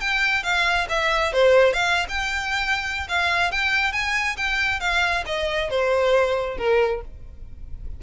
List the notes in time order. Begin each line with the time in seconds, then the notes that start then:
0.00 G5
0.43 F5
0.89 E5
1.32 C5
1.73 F5
2.09 G5
3.08 F5
3.51 G5
3.92 G#5
4.36 G5
4.80 F5
5.26 D#5
5.70 C5
6.57 A#4